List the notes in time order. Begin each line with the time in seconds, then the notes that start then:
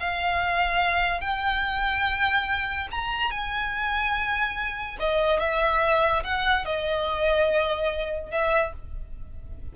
0.00 F5
1.21 G5
2.91 A#5
3.31 G#5
4.99 D#5
5.40 E5
6.23 F#5
6.65 D#5
8.31 E5